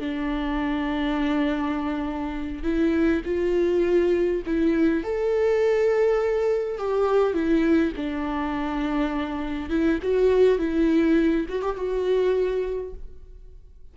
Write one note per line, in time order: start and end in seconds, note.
0.00 2.64 D4
2.64 3.22 E4
3.25 4.43 F4
4.47 5.04 E4
5.04 6.78 A4
6.78 7.34 G4
7.34 7.93 E4
7.97 9.70 D4
9.70 9.99 E4
10.03 10.59 F#4
10.59 11.47 E4
11.49 11.63 F#4
11.63 11.76 G4
11.76 12.94 F#4